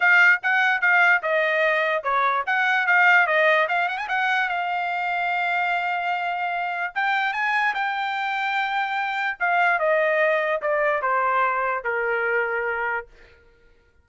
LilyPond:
\new Staff \with { instrumentName = "trumpet" } { \time 4/4 \tempo 4 = 147 f''4 fis''4 f''4 dis''4~ | dis''4 cis''4 fis''4 f''4 | dis''4 f''8 fis''16 gis''16 fis''4 f''4~ | f''1~ |
f''4 g''4 gis''4 g''4~ | g''2. f''4 | dis''2 d''4 c''4~ | c''4 ais'2. | }